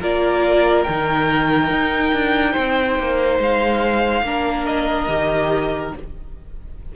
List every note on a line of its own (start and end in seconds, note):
0.00 0.87 A#3
0.00 0.86 F4
0.00 2.54 A#4
0.00 0.84 D5
0.84 1.71 D#3
0.84 4.26 D#4
0.84 3.37 G5
1.71 2.13 D#4
2.13 2.55 D4
2.54 2.99 C4
2.54 4.23 C5
2.99 3.39 A#3
3.39 4.22 G#3
3.39 4.66 F5
4.22 5.07 A#3
4.22 5.09 D4
4.22 5.96 A#4
4.66 5.93 D#5
5.08 5.93 D#3
5.08 5.94 G4